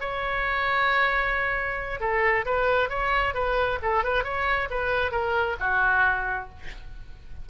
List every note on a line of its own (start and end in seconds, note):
0.00 2.00 C#5
2.00 2.45 A4
2.45 2.89 B4
2.89 3.34 C#5
3.34 3.79 B4
3.82 4.04 A4
4.04 4.24 B4
4.24 4.69 C#5
4.70 5.11 B4
5.11 5.56 A#4
5.60 6.49 F#4